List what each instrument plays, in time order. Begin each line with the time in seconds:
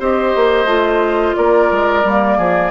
0.00 bassoon C4, clarinet G4, oboe C5, flute D#5
0.36 bassoon A#3
0.65 bassoon A3, clarinet F4
1.36 bassoon A#3, oboe A#4, flute D5
1.72 bassoon G#3
2.05 bassoon G3, clarinet A#3
2.38 bassoon F3, oboe G#4